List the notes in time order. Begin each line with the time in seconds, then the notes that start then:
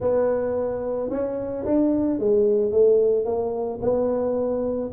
0.00 B3
1.10 C#4
1.65 D4
2.19 G#3
2.71 A3
3.25 A#3
3.81 B3